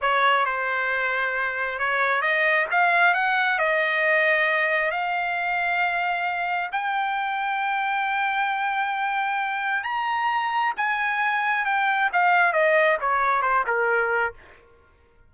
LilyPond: \new Staff \with { instrumentName = "trumpet" } { \time 4/4 \tempo 4 = 134 cis''4 c''2. | cis''4 dis''4 f''4 fis''4 | dis''2. f''4~ | f''2. g''4~ |
g''1~ | g''2 ais''2 | gis''2 g''4 f''4 | dis''4 cis''4 c''8 ais'4. | }